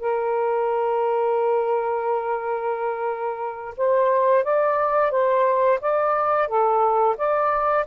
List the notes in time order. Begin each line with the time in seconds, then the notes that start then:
0.00 A#4
3.77 C5
4.44 D5
5.11 C5
5.81 D5
6.48 A4
7.18 D5